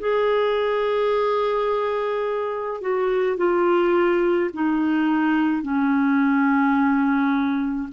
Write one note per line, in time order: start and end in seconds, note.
0.00 2.81 G#4
2.81 3.38 F#4
3.38 4.51 F4
4.54 5.62 D#4
5.62 7.89 C#4